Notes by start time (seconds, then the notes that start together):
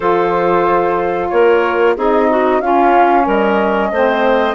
0.00 F3 F4 A4 C5
1.29 A#3 A#4 C#5
1.96 C4 D#4 G#4 D#5
2.29 F#4
2.60 C#4 F4 F5
3.24 G3 A#4 D#5
3.91 A3 C4 C5